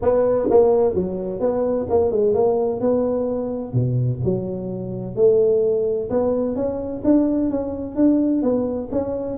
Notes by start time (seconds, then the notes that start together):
0.01 B3
0.49 A#3
0.94 F#3
1.39 B3
1.89 A#3
2.11 G#3
2.34 A#3
2.80 B3
3.73 B2
4.24 F#3
5.15 A3
6.10 B3
6.55 C#4
7.04 D4
7.50 C#4
7.95 D4
8.42 B3
8.91 C#4